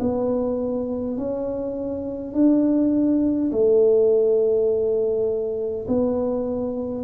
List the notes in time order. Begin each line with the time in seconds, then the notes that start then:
0.00 B3
1.17 C#4
2.34 D4
3.52 A3
5.88 B3